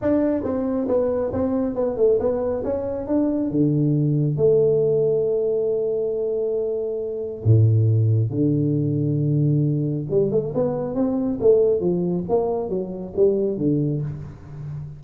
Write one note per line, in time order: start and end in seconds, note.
0.01 0.43 D4
0.43 0.87 C4
0.88 1.31 B3
1.33 1.74 C4
1.74 1.96 B3
1.96 2.18 A3
2.19 2.63 B3
2.64 3.07 C#4
3.07 3.50 D4
3.50 4.37 D3
4.37 7.43 A3
7.44 8.30 A2
8.30 10.05 D3
10.10 10.31 G3
10.31 10.53 A3
10.54 10.94 B3
10.94 11.38 C4
11.40 11.80 A3
11.80 12.24 F3
12.28 12.69 A#3
12.69 13.13 F#3
13.15 13.57 G3
13.57 14.01 D3